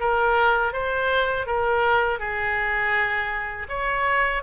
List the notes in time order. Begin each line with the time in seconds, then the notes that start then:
0.00 A#4
0.72 C5
1.46 A#4
2.19 G#4
3.68 C#5